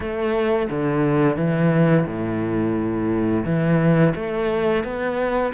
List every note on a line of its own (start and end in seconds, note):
0.00 0.69 A3
0.70 1.36 D3
1.36 2.05 E3
2.06 3.44 A2
3.45 4.13 E3
4.15 4.83 A3
4.83 5.52 B3